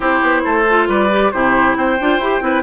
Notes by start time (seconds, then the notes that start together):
0.00 C4 E4 G4 C5
0.22 B3
0.44 A3 A4
0.69 F4
0.87 G3 B4 D5
1.10 G4
1.31 C3 E4 G4 C5
1.76 C4 C5 G5
2.00 D4 F4
2.18 E4 G4
2.41 C4 E4 B4